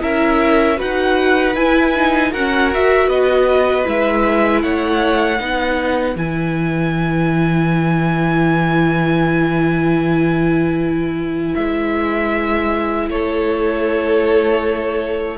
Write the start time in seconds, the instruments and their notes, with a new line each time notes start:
0.00 cello C#4, viola E4, violin A#4 E5
0.77 cello D#4, viola F#4, violin B4 F#5
1.56 cello E4, viola E4, violin G#5
1.96 viola D#4
2.31 viola C#4, cello F#4, violin A#4 F#5
2.75 viola F#4, violin E5
3.08 cello B3, violin B4 D#5
3.85 cello G#3, viola E4, violin E5
4.62 cello A3, violin C#5 F#5
5.40 cello B3, viola D#4, violin B4
6.16 cello E3, viola E4, violin G#5
11.55 cello G#3, violin E5
13.09 cello A3, violin A4 C#5